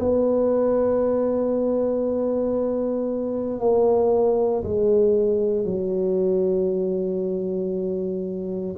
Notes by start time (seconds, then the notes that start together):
0.00 B3
3.61 A#3
4.64 G#3
5.66 F#3